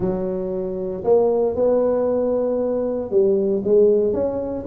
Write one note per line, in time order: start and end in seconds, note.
0.00 1.03 F#3
1.03 1.55 A#3
1.55 3.10 B3
3.10 3.62 G3
3.64 4.13 G#3
4.13 4.65 C#4